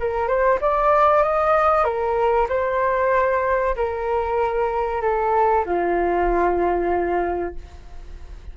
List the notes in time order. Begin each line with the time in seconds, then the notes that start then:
0.00 A#4
0.28 C5
0.61 D5
1.23 D#5
1.84 A#4
2.49 C5
3.76 A#4
5.02 A4
5.66 F4